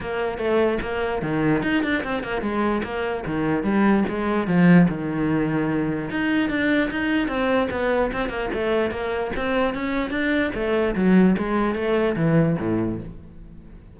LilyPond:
\new Staff \with { instrumentName = "cello" } { \time 4/4 \tempo 4 = 148 ais4 a4 ais4 dis4 | dis'8 d'8 c'8 ais8 gis4 ais4 | dis4 g4 gis4 f4 | dis2. dis'4 |
d'4 dis'4 c'4 b4 | c'8 ais8 a4 ais4 c'4 | cis'4 d'4 a4 fis4 | gis4 a4 e4 a,4 | }